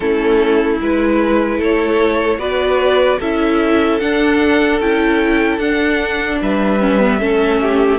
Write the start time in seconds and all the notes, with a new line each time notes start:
0.00 A3 C#4 E4 A4
0.81 G#3 E4 B4
1.57 A3 A4 C#5
2.38 B3 F#4 B4 D5
3.19 C#4 E4 A4 E5
3.99 D4 F#5
4.80 C#4 E4 G5
5.57 D4 F#5
6.41 G3 B4 E5
6.80 C#4
6.99 B3
7.19 A3 C#4 A4
7.61 G4